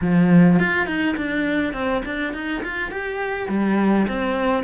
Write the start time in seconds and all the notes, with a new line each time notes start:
0.01 F3
0.59 F4
0.86 D#4
1.16 D4
1.73 C4
2.05 D4
2.33 D#4
2.63 F4
2.91 G4
3.48 G3
4.08 C4